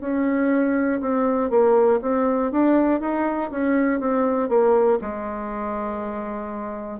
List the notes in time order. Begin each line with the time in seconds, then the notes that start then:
0.00 C#4
1.00 C4
1.50 A#3
2.01 C4
2.51 D4
3.00 D#4
3.50 C#4
4.00 C4
4.48 A#3
5.01 G#3